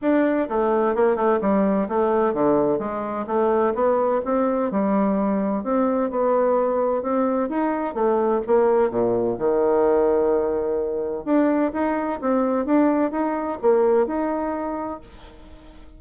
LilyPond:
\new Staff \with { instrumentName = "bassoon" } { \time 4/4 \tempo 4 = 128 d'4 a4 ais8 a8 g4 | a4 d4 gis4 a4 | b4 c'4 g2 | c'4 b2 c'4 |
dis'4 a4 ais4 ais,4 | dis1 | d'4 dis'4 c'4 d'4 | dis'4 ais4 dis'2 | }